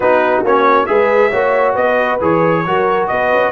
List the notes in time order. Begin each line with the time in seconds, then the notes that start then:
0.00 B3 D#4 F#4 B4
0.43 A#3 C#4 C#5
0.86 G#3 G#4 B4 E5
1.30 A#3 F#4 C#5
1.73 B3 B4 D#5
2.20 E3 G#4 C#5
2.65 F#3 F#4 A#4
3.07 B3 B4 D#5
3.32 C#4